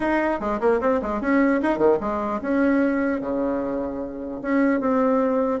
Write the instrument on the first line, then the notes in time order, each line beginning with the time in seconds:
bassoon
0.00 D#4
0.40 G#3
0.60 A#3
0.81 C4
1.02 G#3
1.21 C#4
1.61 D#4
1.77 D#3
2.00 G#3
2.41 C#4
3.20 C#3
4.42 C#4
4.80 C4